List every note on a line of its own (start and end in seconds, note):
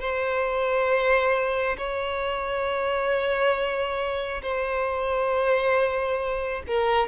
0.00 1.76 C5
1.77 4.42 C#5
4.42 6.63 C5
6.67 7.07 A#4